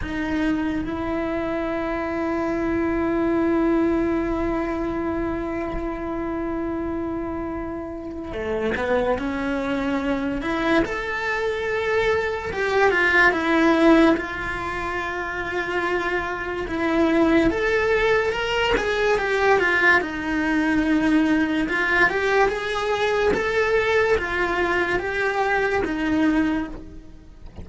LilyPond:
\new Staff \with { instrumentName = "cello" } { \time 4/4 \tempo 4 = 72 dis'4 e'2.~ | e'1~ | e'2 a8 b8 cis'4~ | cis'8 e'8 a'2 g'8 f'8 |
e'4 f'2. | e'4 a'4 ais'8 gis'8 g'8 f'8 | dis'2 f'8 g'8 gis'4 | a'4 f'4 g'4 dis'4 | }